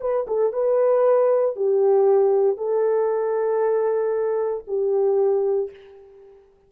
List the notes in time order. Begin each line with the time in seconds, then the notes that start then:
0.00 B4
0.27 A4
0.52 B4
1.56 G4
2.57 A4
4.67 G4